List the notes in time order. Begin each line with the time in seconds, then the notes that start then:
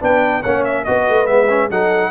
0.00 B3 D4 B4 G5
0.41 A#3 C#4 C#5 F#5
0.65 E5
0.84 B3 F#4 B4 D#5
1.09 A3
1.26 G#3 B3 E5
1.49 C#4
1.70 F#3 D#4 A4 F#5